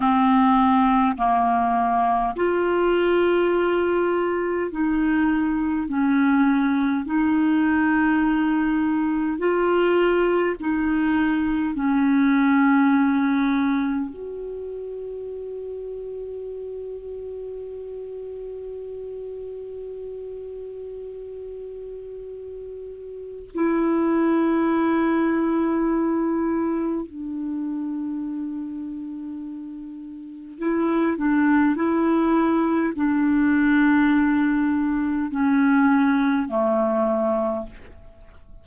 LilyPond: \new Staff \with { instrumentName = "clarinet" } { \time 4/4 \tempo 4 = 51 c'4 ais4 f'2 | dis'4 cis'4 dis'2 | f'4 dis'4 cis'2 | fis'1~ |
fis'1 | e'2. d'4~ | d'2 e'8 d'8 e'4 | d'2 cis'4 a4 | }